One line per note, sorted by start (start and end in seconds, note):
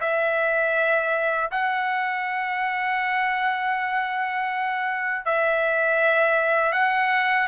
0.00 1.50 E5
1.51 5.25 F#5
5.25 6.72 E5
6.72 7.47 F#5